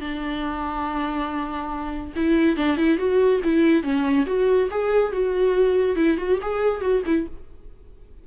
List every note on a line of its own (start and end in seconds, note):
0.00 2.13 D4
2.15 2.56 E4
2.56 2.77 D4
2.77 2.98 E4
2.98 3.40 F#4
3.44 3.83 E4
3.83 4.26 C#4
4.26 4.69 F#4
4.70 5.12 G#4
5.12 5.96 F#4
5.96 6.17 E4
6.17 6.39 F#4
6.42 6.81 G#4
6.81 7.02 F#4
7.06 7.27 E4